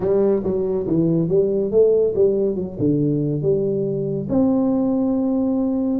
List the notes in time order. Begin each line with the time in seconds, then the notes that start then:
0.00 G3
0.43 F#3
0.86 E3
1.28 G3
1.71 A3
2.15 G3
2.55 F#3
2.79 D3
3.42 G3
4.29 C4